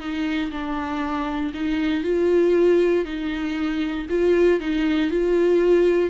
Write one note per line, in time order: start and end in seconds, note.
0.00 0.51 D#4
0.51 1.53 D4
1.54 2.04 D#4
2.04 3.05 F4
3.05 4.07 D#4
4.10 4.60 F4
4.60 5.11 D#4
5.11 6.10 F4